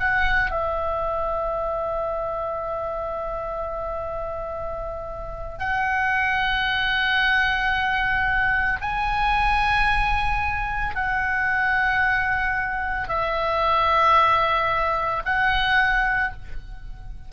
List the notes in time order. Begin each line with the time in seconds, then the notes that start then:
0.00 F#5
0.51 E5
5.59 F#5
8.81 G#5
10.95 F#5
13.09 E5
15.25 F#5